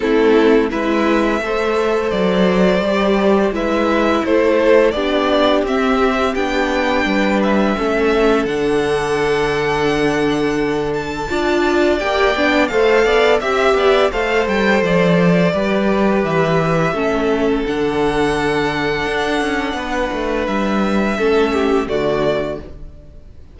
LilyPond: <<
  \new Staff \with { instrumentName = "violin" } { \time 4/4 \tempo 4 = 85 a'4 e''2 d''4~ | d''4 e''4 c''4 d''4 | e''4 g''4. e''4. | fis''2.~ fis''8 a''8~ |
a''4 g''4 f''4 e''4 | f''8 g''8 d''2 e''4~ | e''4 fis''2.~ | fis''4 e''2 d''4 | }
  \new Staff \with { instrumentName = "violin" } { \time 4/4 e'4 b'4 c''2~ | c''4 b'4 a'4 g'4~ | g'2 b'4 a'4~ | a'1 |
d''2 c''8 d''8 e''8 d''8 | c''2 b'2 | a'1 | b'2 a'8 g'8 fis'4 | }
  \new Staff \with { instrumentName = "viola" } { \time 4/4 c'4 e'4 a'2 | g'4 e'2 d'4 | c'4 d'2 cis'4 | d'1 |
f'4 g'8 d'8 a'4 g'4 | a'2 g'2 | cis'4 d'2.~ | d'2 cis'4 a4 | }
  \new Staff \with { instrumentName = "cello" } { \time 4/4 a4 gis4 a4 fis4 | g4 gis4 a4 b4 | c'4 b4 g4 a4 | d1 |
d'4 ais8 b8 a8 b8 c'8 b8 | a8 g8 f4 g4 e4 | a4 d2 d'8 cis'8 | b8 a8 g4 a4 d4 | }
>>